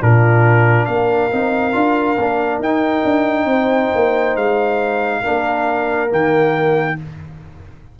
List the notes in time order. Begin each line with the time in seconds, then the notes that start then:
0.00 A#2 D4 F4 A#4
0.85 A#3 A#4 F5
1.31 C4 D#4
1.72 D4 F4
2.18 A#3 D4
2.59 D#4 G5
3.04 D4
3.45 C4 C5
3.94 A#3
4.35 G#3 F5
5.21 A#3 D4 A#4
6.09 D#3 A#3 G5